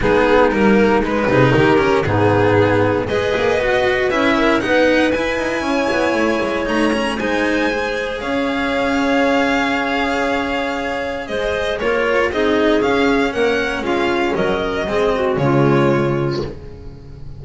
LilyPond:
<<
  \new Staff \with { instrumentName = "violin" } { \time 4/4 \tempo 4 = 117 gis'4 ais'4 b'4 ais'4 | gis'2 dis''2 | e''4 fis''4 gis''2~ | gis''4 ais''4 gis''2 |
f''1~ | f''2 dis''4 cis''4 | dis''4 f''4 fis''4 f''4 | dis''2 cis''2 | }
  \new Staff \with { instrumentName = "clarinet" } { \time 4/4 dis'2~ dis'8 gis'8 g'4 | dis'2 b'2~ | b'8 ais'8 b'2 cis''4~ | cis''2 c''2 |
cis''1~ | cis''2 c''4 ais'4 | gis'2 ais'4 f'4 | ais'4 gis'8 fis'8 f'2 | }
  \new Staff \with { instrumentName = "cello" } { \time 4/4 b4 ais4 gis8 dis'4 cis'8 | b2 gis'4 fis'4 | e'4 dis'4 e'2~ | e'4 dis'8 cis'8 dis'4 gis'4~ |
gis'1~ | gis'2. f'4 | dis'4 cis'2.~ | cis'4 c'4 gis2 | }
  \new Staff \with { instrumentName = "double bass" } { \time 4/4 gis4 g4 gis8 c8 dis4 | gis,2 gis8 ais8 b4 | cis'4 b4 e'8 dis'8 cis'8 b8 | a8 gis8 a4 gis2 |
cis'1~ | cis'2 gis4 ais4 | c'4 cis'4 ais4 gis4 | fis4 gis4 cis2 | }
>>